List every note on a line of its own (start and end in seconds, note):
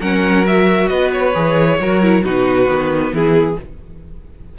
0.00 0.90 F#3
0.00 0.45 C#4
0.00 0.89 A#4
0.00 0.46 F#5
0.45 1.34 F#4
0.45 0.89 E5
0.89 1.35 B3
0.89 1.78 B4
0.89 1.11 D#5
1.12 2.23 C#5
1.34 1.80 E3
1.34 1.79 G#4
1.80 2.24 F#3
1.80 2.03 F#4
1.80 2.25 A#4
2.03 2.24 E4
2.24 2.68 B2
2.24 2.66 D#4
2.24 3.13 F#4
2.24 3.14 B4
2.66 3.12 D#3
2.66 3.55 B3
3.12 3.57 E3
3.12 3.57 E4
3.12 3.59 G#4